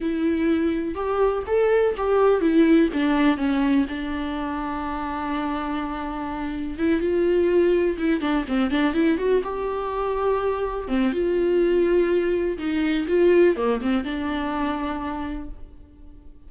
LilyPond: \new Staff \with { instrumentName = "viola" } { \time 4/4 \tempo 4 = 124 e'2 g'4 a'4 | g'4 e'4 d'4 cis'4 | d'1~ | d'2 e'8 f'4.~ |
f'8 e'8 d'8 c'8 d'8 e'8 fis'8 g'8~ | g'2~ g'8 c'8 f'4~ | f'2 dis'4 f'4 | ais8 c'8 d'2. | }